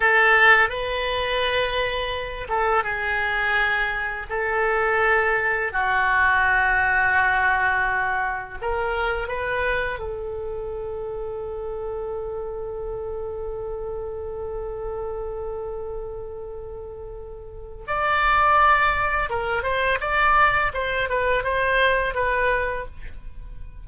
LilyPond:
\new Staff \with { instrumentName = "oboe" } { \time 4/4 \tempo 4 = 84 a'4 b'2~ b'8 a'8 | gis'2 a'2 | fis'1 | ais'4 b'4 a'2~ |
a'1~ | a'1~ | a'4 d''2 ais'8 c''8 | d''4 c''8 b'8 c''4 b'4 | }